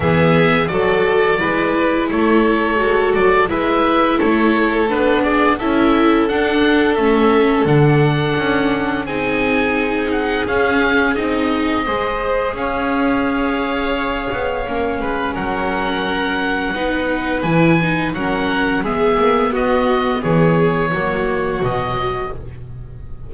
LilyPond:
<<
  \new Staff \with { instrumentName = "oboe" } { \time 4/4 \tempo 4 = 86 e''4 d''2 cis''4~ | cis''8 d''8 e''4 cis''4 b'8 d''8 | e''4 fis''4 e''4 fis''4~ | fis''4 gis''4. fis''8 f''4 |
dis''2 f''2~ | f''2 fis''2~ | fis''4 gis''4 fis''4 e''4 | dis''4 cis''2 dis''4 | }
  \new Staff \with { instrumentName = "violin" } { \time 4/4 gis'4 a'4 b'4 a'4~ | a'4 b'4 a'4. gis'8 | a'1~ | a'4 gis'2.~ |
gis'4 c''4 cis''2~ | cis''4. b'8 ais'2 | b'2 ais'4 gis'4 | fis'4 gis'4 fis'2 | }
  \new Staff \with { instrumentName = "viola" } { \time 4/4 b4 fis'4 e'2 | fis'4 e'2 d'4 | e'4 d'4 cis'4 d'4~ | d'4 dis'2 cis'4 |
dis'4 gis'2.~ | gis'4 cis'2. | dis'4 e'8 dis'8 cis'4 b4~ | b2 ais4 fis4 | }
  \new Staff \with { instrumentName = "double bass" } { \time 4/4 e4 fis4 gis4 a4 | gis8 fis8 gis4 a4 b4 | cis'4 d'4 a4 d4 | cis'4 c'2 cis'4 |
c'4 gis4 cis'2~ | cis'8 b8 ais8 gis8 fis2 | b4 e4 fis4 gis8 ais8 | b4 e4 fis4 b,4 | }
>>